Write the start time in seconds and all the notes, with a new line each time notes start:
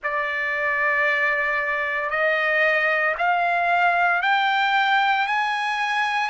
0.02 D5
2.10 D#5
3.18 F5
4.22 G5
5.27 G#5